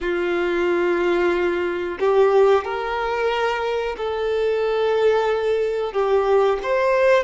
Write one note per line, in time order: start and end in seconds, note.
0.00 1.98 F4
1.99 2.64 G4
2.64 3.96 A#4
3.97 5.92 A4
5.92 6.58 G4
6.63 7.23 C5